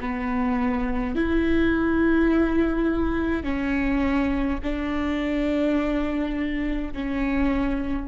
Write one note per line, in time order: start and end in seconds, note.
0.00 1.15 B3
1.15 3.43 E4
3.43 4.58 C#4
4.63 6.93 D4
6.93 8.08 C#4